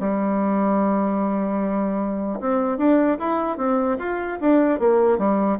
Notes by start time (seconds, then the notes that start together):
0.00 G3
2.40 C4
2.78 D4
3.19 E4
3.58 C4
3.99 F4
4.41 D4
4.80 A#3
5.19 G3